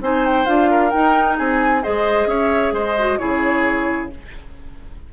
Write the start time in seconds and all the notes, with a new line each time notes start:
0.00 C4 D#4 C5 G#5
0.25 G5
0.45 D4 F4 F5
0.70 A#4
0.90 D#4 G5
1.37 C4 G#4 G#5
1.82 G#3 G#4 C5 D#5
2.26 C#4 C#5 E5
2.72 G#3 C5 D#5
2.98 F#4
3.18 C#3 E4 G#4 C#5